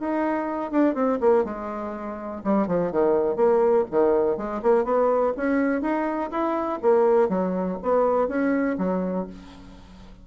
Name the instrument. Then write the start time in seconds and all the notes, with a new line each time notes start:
bassoon
0.00 D#4
0.71 D4
0.94 C4
1.20 A#3
1.45 G#3
2.44 G3
2.67 F3
2.92 D#3
3.36 A#3
3.91 D#3
4.37 G#3
4.62 A#3
4.85 B3
5.37 C#4
5.82 D#4
6.31 E4
6.82 A#3
7.29 F#3
7.82 B3
8.28 C#4
8.78 F#3